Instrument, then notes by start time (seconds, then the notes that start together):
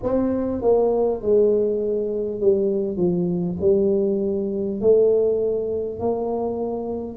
tuba
0.02 C4
0.61 A#3
1.21 G#3
2.40 G3
2.97 F3
3.61 G3
4.80 A3
5.99 A#3